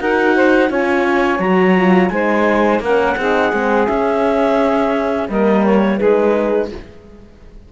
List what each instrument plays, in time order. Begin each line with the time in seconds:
0.00 cello D#4, horn F#4, saxophone A#4, clarinet F#5
0.36 saxophone C5
0.69 cello C#4, horn F4, saxophone C#5, clarinet G#5
1.39 cello F#3, horn F#4, clarinet A#5
1.77 horn F4
2.09 cello G#3, horn D#4, saxophone C5, clarinet G#5
2.80 cello A#3, horn C#4, saxophone A#4, clarinet F#5
3.17 cello C4, horn D#4, saxophone G#4
3.53 cello G#3, horn C4
3.87 horn C#4, cello C#4, clarinet E5
5.29 cello G3, horn A#3, saxophone A#4, clarinet D#5
5.65 clarinet C#5
5.97 cello G#3, horn D#4, saxophone G#4, clarinet B4